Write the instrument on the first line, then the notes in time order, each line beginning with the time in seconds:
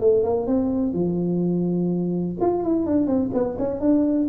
tuba
0.00 A3
0.23 A#3
0.46 C4
0.93 F3
2.40 F4
2.63 E4
2.86 D4
3.06 C4
3.33 B3
3.58 C#4
3.80 D4